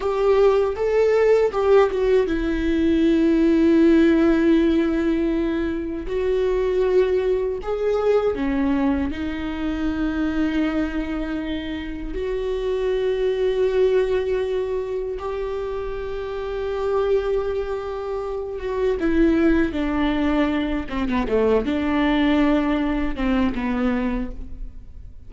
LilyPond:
\new Staff \with { instrumentName = "viola" } { \time 4/4 \tempo 4 = 79 g'4 a'4 g'8 fis'8 e'4~ | e'1 | fis'2 gis'4 cis'4 | dis'1 |
fis'1 | g'1~ | g'8 fis'8 e'4 d'4. c'16 b16 | a8 d'2 c'8 b4 | }